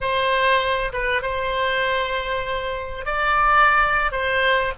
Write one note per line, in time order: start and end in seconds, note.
0.00 0.92 C5
0.92 1.21 B4
1.21 3.05 C5
3.05 4.11 D5
4.11 4.73 C5